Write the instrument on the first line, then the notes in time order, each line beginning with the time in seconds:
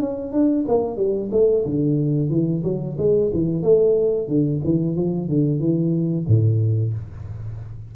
tuba
0.00 C#4
0.33 D4
0.68 A#3
0.97 G3
1.32 A3
1.66 D3
2.30 E3
2.64 F#3
2.99 G#3
3.34 E3
3.63 A3
4.28 D3
4.65 E3
4.96 F3
5.29 D3
5.60 E3
6.28 A2